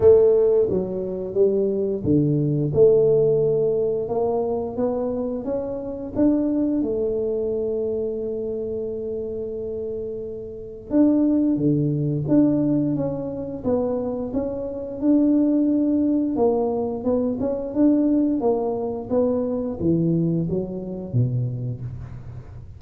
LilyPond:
\new Staff \with { instrumentName = "tuba" } { \time 4/4 \tempo 4 = 88 a4 fis4 g4 d4 | a2 ais4 b4 | cis'4 d'4 a2~ | a1 |
d'4 d4 d'4 cis'4 | b4 cis'4 d'2 | ais4 b8 cis'8 d'4 ais4 | b4 e4 fis4 b,4 | }